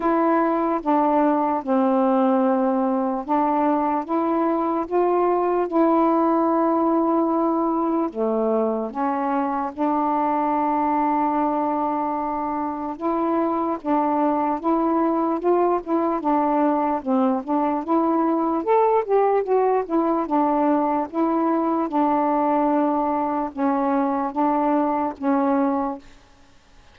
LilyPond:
\new Staff \with { instrumentName = "saxophone" } { \time 4/4 \tempo 4 = 74 e'4 d'4 c'2 | d'4 e'4 f'4 e'4~ | e'2 a4 cis'4 | d'1 |
e'4 d'4 e'4 f'8 e'8 | d'4 c'8 d'8 e'4 a'8 g'8 | fis'8 e'8 d'4 e'4 d'4~ | d'4 cis'4 d'4 cis'4 | }